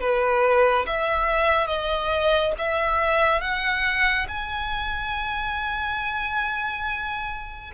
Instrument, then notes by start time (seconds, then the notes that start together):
violin
0.00 B4
0.86 E5
1.67 D#5
2.58 E5
3.41 F#5
4.28 G#5